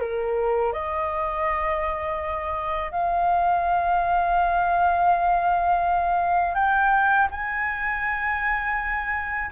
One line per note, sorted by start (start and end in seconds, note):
0.00 0.72 A#4
0.72 2.91 D#5
2.91 6.55 F5
6.55 7.28 G5
7.31 9.51 G#5